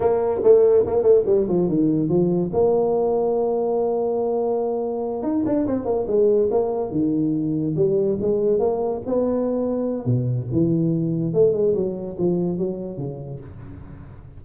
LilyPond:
\new Staff \with { instrumentName = "tuba" } { \time 4/4 \tempo 4 = 143 ais4 a4 ais8 a8 g8 f8 | dis4 f4 ais2~ | ais1~ | ais8 dis'8 d'8 c'8 ais8 gis4 ais8~ |
ais8 dis2 g4 gis8~ | gis8 ais4 b2~ b8 | b,4 e2 a8 gis8 | fis4 f4 fis4 cis4 | }